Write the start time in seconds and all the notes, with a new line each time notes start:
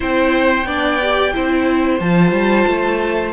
0.00 C4 E4 C5 G5
0.64 B3 D4 D5
1.02 G4
1.33 C4 E4 C5
1.99 F3 F4 A5
2.31 G3
2.67 A3